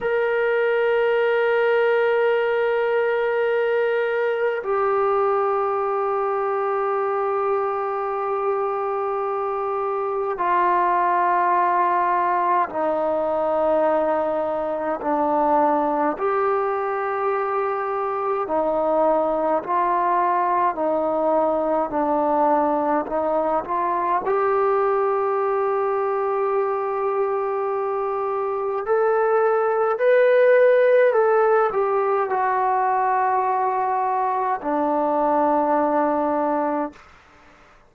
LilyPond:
\new Staff \with { instrumentName = "trombone" } { \time 4/4 \tempo 4 = 52 ais'1 | g'1~ | g'4 f'2 dis'4~ | dis'4 d'4 g'2 |
dis'4 f'4 dis'4 d'4 | dis'8 f'8 g'2.~ | g'4 a'4 b'4 a'8 g'8 | fis'2 d'2 | }